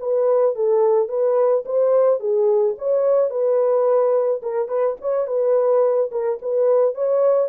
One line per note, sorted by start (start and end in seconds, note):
0.00 0.56 B4
0.56 1.09 A4
1.09 1.64 B4
1.65 2.20 C5
2.20 2.75 G#4
2.79 3.30 C#5
3.30 4.41 B4
4.42 4.68 A#4
4.68 4.96 B4
5.01 5.27 C#5
5.27 6.10 B4
6.11 6.39 A#4
6.42 6.95 B4
6.95 7.49 C#5